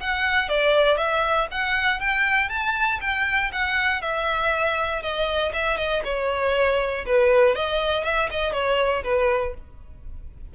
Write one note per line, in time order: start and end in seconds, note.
0.00 0.49 F#5
0.49 0.97 D5
0.97 1.48 E5
1.51 2.00 F#5
2.00 2.49 G5
2.49 3.00 A5
3.01 3.51 G5
3.52 4.02 F#5
4.02 5.02 E5
5.02 5.53 D#5
5.53 5.77 E5
5.77 6.03 D#5
6.05 7.05 C#5
7.06 7.55 B4
7.55 8.04 D#5
8.04 8.29 E5
8.31 8.53 D#5
8.53 9.03 C#5
9.03 9.54 B4